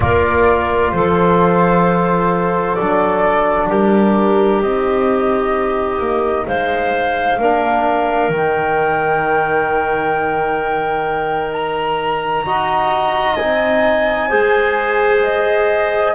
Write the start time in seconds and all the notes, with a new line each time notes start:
0.00 A#3 F4 A#4 D5
0.92 F3 A4 C5
2.75 F#3 D4 D5
3.68 G3 G4 A#4
4.61 C4 D#4 D#5
5.99 A#3
6.47 G#3 C5 F5
7.38 A#3 D4 A#4
8.28 D#3 D#4 G5
11.53 A#5
12.45 D#4 F#4 D#5
13.35 C4 D#4 G#5
14.28 G#3 G#4 C5
15.22 D#5